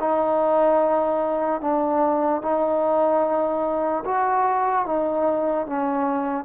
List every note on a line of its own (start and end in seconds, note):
0.00 1.61 D#4
1.61 2.42 D4
2.42 4.04 D#4
4.05 4.86 F#4
4.86 5.67 D#4
5.67 6.45 C#4